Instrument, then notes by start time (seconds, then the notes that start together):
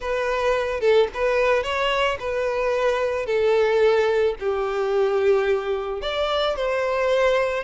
violin
0.00 B4
0.80 A4
1.13 B4
1.63 C#5
2.19 B4
3.26 A4
4.39 G4
6.01 D5
6.56 C5